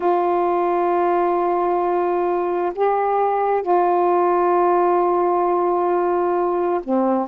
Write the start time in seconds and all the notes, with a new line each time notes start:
0.00 F4
2.75 G4
3.62 F4
6.83 C4